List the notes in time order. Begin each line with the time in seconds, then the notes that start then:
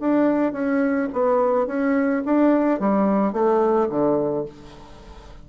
0.00 D4
0.53 C#4
1.13 B3
1.67 C#4
2.26 D4
2.80 G3
3.33 A3
3.89 D3